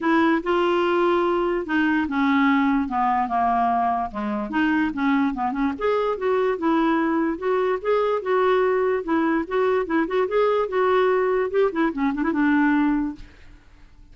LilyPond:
\new Staff \with { instrumentName = "clarinet" } { \time 4/4 \tempo 4 = 146 e'4 f'2. | dis'4 cis'2 b4 | ais2 gis4 dis'4 | cis'4 b8 cis'8 gis'4 fis'4 |
e'2 fis'4 gis'4 | fis'2 e'4 fis'4 | e'8 fis'8 gis'4 fis'2 | g'8 e'8 cis'8 d'16 e'16 d'2 | }